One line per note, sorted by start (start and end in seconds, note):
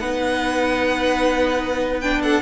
0.00 2.42 B3
0.00 2.02 D#4
0.00 2.23 B4
0.00 2.01 F#5
2.01 2.42 D4
2.01 2.22 G5
2.23 2.42 A4
2.23 2.42 F#5